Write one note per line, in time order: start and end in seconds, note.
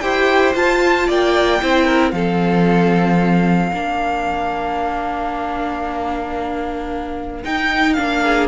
0.00 0.55 E4
0.00 0.54 G4
0.00 1.07 C5
0.00 0.53 G5
0.54 1.60 F4
0.54 1.08 F4
0.54 1.09 A5
1.07 1.61 A#3
1.07 1.60 D5
1.07 2.11 G5
1.61 2.12 C4
1.61 2.13 E4
1.61 1.85 C5
1.85 2.11 A#4
2.11 3.72 F3
2.11 3.72 C4
2.11 3.73 A4
2.11 7.42 F5
3.72 7.44 A#3
3.72 7.44 D4
3.72 8.24 A#4
7.44 7.97 D#4
7.44 7.98 D#4
7.44 7.94 G5
7.94 8.48 A#3
7.94 8.48 D4
7.94 8.47 F5
8.24 8.48 G#4